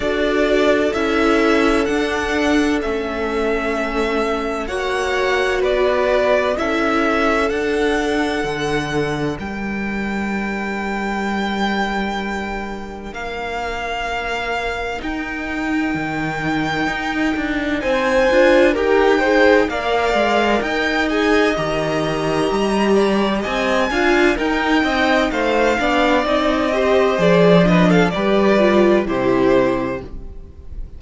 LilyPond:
<<
  \new Staff \with { instrumentName = "violin" } { \time 4/4 \tempo 4 = 64 d''4 e''4 fis''4 e''4~ | e''4 fis''4 d''4 e''4 | fis''2 g''2~ | g''2 f''2 |
g''2. gis''4 | g''4 f''4 g''8 gis''8 ais''4~ | ais''4 gis''4 g''4 f''4 | dis''4 d''8 dis''16 f''16 d''4 c''4 | }
  \new Staff \with { instrumentName = "violin" } { \time 4/4 a'1~ | a'4 cis''4 b'4 a'4~ | a'2 ais'2~ | ais'1~ |
ais'2. c''4 | ais'8 c''8 d''4 dis''2~ | dis''8 d''8 dis''8 f''8 ais'8 dis''8 c''8 d''8~ | d''8 c''4 b'16 a'16 b'4 g'4 | }
  \new Staff \with { instrumentName = "viola" } { \time 4/4 fis'4 e'4 d'4 cis'4~ | cis'4 fis'2 e'4 | d'1~ | d'1 |
dis'2.~ dis'8 f'8 | g'8 gis'8 ais'4. gis'8 g'4~ | g'4. f'8 dis'4. d'8 | dis'8 g'8 gis'8 d'8 g'8 f'8 e'4 | }
  \new Staff \with { instrumentName = "cello" } { \time 4/4 d'4 cis'4 d'4 a4~ | a4 ais4 b4 cis'4 | d'4 d4 g2~ | g2 ais2 |
dis'4 dis4 dis'8 d'8 c'8 d'8 | dis'4 ais8 gis8 dis'4 dis4 | g4 c'8 d'8 dis'8 c'8 a8 b8 | c'4 f4 g4 c4 | }
>>